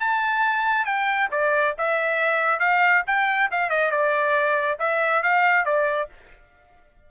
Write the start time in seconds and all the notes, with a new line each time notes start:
0.00 A5
0.86 G5
1.31 D5
1.78 E5
2.60 F5
3.07 G5
3.52 F5
3.70 D#5
3.91 D5
4.79 E5
5.23 F5
5.65 D5